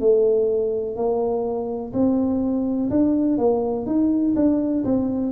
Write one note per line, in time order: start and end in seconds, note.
0.00 0.96 A3
0.96 1.93 A#3
1.94 2.90 C4
2.91 3.38 D4
3.38 3.87 A#3
3.87 4.35 D#4
4.36 4.85 D4
4.85 5.33 C4